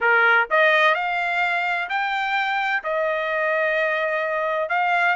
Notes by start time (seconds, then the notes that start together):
0.00 A#4
0.50 D#5
0.95 F5
1.89 G5
2.83 D#5
4.69 F5